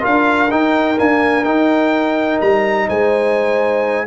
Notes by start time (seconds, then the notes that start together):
0.00 D4 F4 A#4 F5
0.51 D#4 G5
0.97 A#3 D4 G#5
1.44 D#4 G5
2.41 G3 A#5
2.88 G#3 C5 G#5